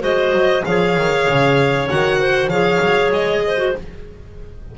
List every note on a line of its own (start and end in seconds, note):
0.00 0.32 G#3
0.00 0.62 F#4
0.00 0.63 C5
0.00 0.65 D#5
0.32 0.63 F#3
0.65 0.97 F3
0.65 1.89 G#4
0.65 2.20 C#5
0.65 1.88 F5
0.97 1.28 D#3
1.28 1.90 C#3
1.89 2.47 D#3
1.89 2.51 F#4
1.89 2.49 F#5
2.20 2.50 C5
2.47 2.78 F3
2.47 3.57 G#4
2.47 3.42 C#5
2.47 3.11 F5
2.81 3.11 F#3
3.11 3.73 G#3
3.11 3.75 D#5
3.47 3.78 C5
3.57 3.73 F#4